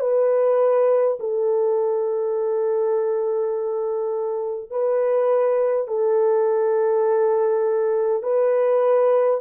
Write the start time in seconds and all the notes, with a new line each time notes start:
0.00 B4
1.19 A4
4.70 B4
5.88 A4
8.22 B4